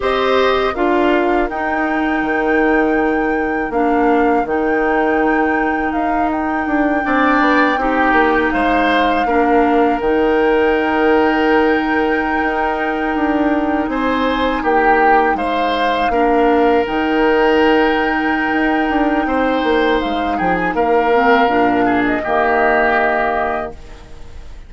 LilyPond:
<<
  \new Staff \with { instrumentName = "flute" } { \time 4/4 \tempo 4 = 81 dis''4 f''4 g''2~ | g''4 f''4 g''2 | f''8 g''2. f''8~ | f''4. g''2~ g''8~ |
g''2~ g''8. gis''4 g''16~ | g''8. f''2 g''4~ g''16~ | g''2. f''8 g''16 gis''16 | f''4.~ f''16 dis''2~ dis''16 | }
  \new Staff \with { instrumentName = "oboe" } { \time 4/4 c''4 ais'2.~ | ais'1~ | ais'4. d''4 g'4 c''8~ | c''8 ais'2.~ ais'8~ |
ais'2~ ais'8. c''4 g'16~ | g'8. c''4 ais'2~ ais'16~ | ais'2 c''4. gis'8 | ais'4. gis'8 g'2 | }
  \new Staff \with { instrumentName = "clarinet" } { \time 4/4 g'4 f'4 dis'2~ | dis'4 d'4 dis'2~ | dis'4. d'4 dis'4.~ | dis'8 d'4 dis'2~ dis'8~ |
dis'1~ | dis'4.~ dis'16 d'4 dis'4~ dis'16~ | dis'1~ | dis'8 c'8 d'4 ais2 | }
  \new Staff \with { instrumentName = "bassoon" } { \time 4/4 c'4 d'4 dis'4 dis4~ | dis4 ais4 dis2 | dis'4 d'8 c'8 b8 c'8 ais8 gis8~ | gis8 ais4 dis2~ dis8~ |
dis8. dis'4 d'4 c'4 ais16~ | ais8. gis4 ais4 dis4~ dis16~ | dis4 dis'8 d'8 c'8 ais8 gis8 f8 | ais4 ais,4 dis2 | }
>>